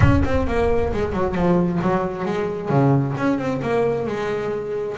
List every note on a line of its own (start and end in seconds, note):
0.00 0.22 C#4
0.24 0.47 C4
0.47 0.92 A#3
0.93 1.12 G#3
1.12 1.34 F#3
1.34 1.79 F3
1.81 2.25 F#3
2.25 2.69 G#3
2.69 3.14 C#3
3.17 3.38 C#4
3.38 3.61 C4
3.62 4.06 A#3
4.06 4.96 G#3